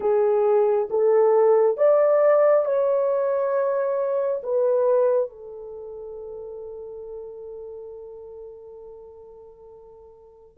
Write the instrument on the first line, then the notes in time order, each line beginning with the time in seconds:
horn
0.00 G#4
0.89 A4
1.76 D5
2.65 C#5
4.43 B4
5.29 A4